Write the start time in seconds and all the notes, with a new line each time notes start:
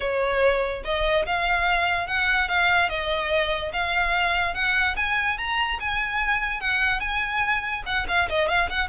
0.00 C#5
0.84 D#5
1.25 F5
2.07 F#5
2.48 F5
2.89 D#5
3.72 F5
4.54 F#5
4.96 G#5
5.37 A#5
5.80 G#5
6.60 F#5
6.99 G#5
7.86 F#5
8.08 F5
8.29 D#5
8.48 F5
8.69 F#5